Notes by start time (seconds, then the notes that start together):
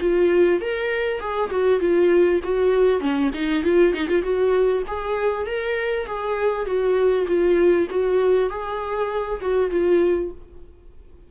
0.00 F4
0.60 A#4
1.20 G#4
1.50 F#4
1.80 F4
2.43 F#4
3.00 C#4
3.34 D#4
3.63 F4
3.93 D#4
4.07 F4
4.22 F#4
4.87 G#4
5.46 A#4
6.06 G#4
6.65 F#4
7.27 F4
7.90 F#4
8.49 G#4
9.40 F#4
9.70 F4